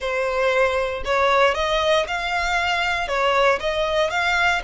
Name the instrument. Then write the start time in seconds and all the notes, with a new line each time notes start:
violin
0.00 C5
1.04 C#5
1.54 D#5
2.07 F5
3.08 C#5
3.60 D#5
4.10 F5